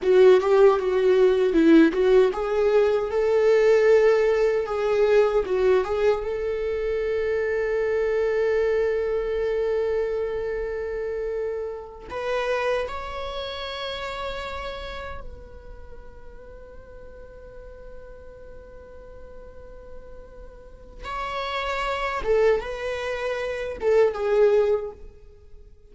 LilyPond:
\new Staff \with { instrumentName = "viola" } { \time 4/4 \tempo 4 = 77 fis'8 g'8 fis'4 e'8 fis'8 gis'4 | a'2 gis'4 fis'8 gis'8 | a'1~ | a'2.~ a'8 b'8~ |
b'8 cis''2. b'8~ | b'1~ | b'2. cis''4~ | cis''8 a'8 b'4. a'8 gis'4 | }